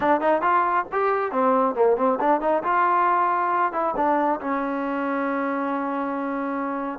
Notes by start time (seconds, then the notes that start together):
0.00 D4
0.20 D#4
0.41 F4
0.92 G4
1.31 C4
1.75 A#3
1.96 C4
2.20 D4
2.40 D#4
2.63 F4
3.72 E4
3.96 D4
4.40 C#4